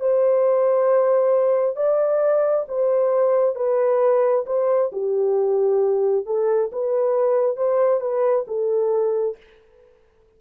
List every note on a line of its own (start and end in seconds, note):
0.00 1.77 C5
1.77 2.66 D5
2.69 3.56 C5
3.56 4.45 B4
4.47 4.92 C5
4.93 6.26 G4
6.26 6.71 A4
6.72 7.57 B4
7.57 8.01 C5
8.01 8.46 B4
8.47 9.37 A4